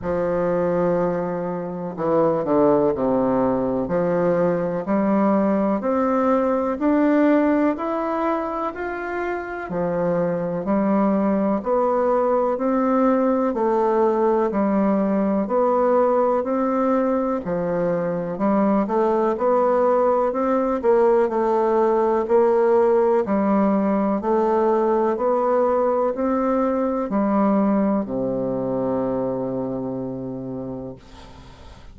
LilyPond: \new Staff \with { instrumentName = "bassoon" } { \time 4/4 \tempo 4 = 62 f2 e8 d8 c4 | f4 g4 c'4 d'4 | e'4 f'4 f4 g4 | b4 c'4 a4 g4 |
b4 c'4 f4 g8 a8 | b4 c'8 ais8 a4 ais4 | g4 a4 b4 c'4 | g4 c2. | }